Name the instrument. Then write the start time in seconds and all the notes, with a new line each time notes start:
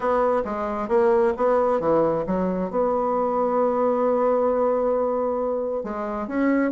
bassoon
0.00 B3
0.45 G#3
0.88 A#3
1.37 B3
1.80 E3
2.26 F#3
2.70 B3
5.83 G#3
6.27 C#4